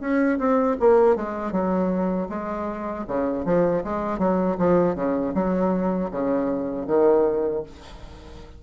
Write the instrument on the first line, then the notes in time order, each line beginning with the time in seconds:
bassoon
0.00 C#4
0.38 C4
0.79 A#3
1.16 G#3
1.52 F#3
2.29 G#3
3.07 C#3
3.45 F3
3.84 G#3
4.18 F#3
4.58 F3
4.95 C#3
5.34 F#3
6.11 C#3
6.87 D#3